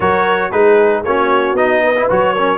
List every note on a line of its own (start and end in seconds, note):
0.00 0.52 F#3
0.00 0.52 F#4
0.00 0.51 A#4
0.00 0.51 C#5
0.51 1.04 G#3
0.51 1.04 D#4
0.51 1.05 G#4
0.51 1.03 B4
1.04 1.53 A#3
1.04 1.56 C#4
1.04 1.82 F#4
1.04 1.56 C#5
1.53 2.05 B3
1.53 1.95 D#4
1.53 2.08 D#5
1.82 2.33 B4
1.96 2.09 E4
2.09 2.58 F#3
2.09 2.35 F#4
2.09 2.58 C#5
2.33 2.58 C#4
2.33 2.58 A#4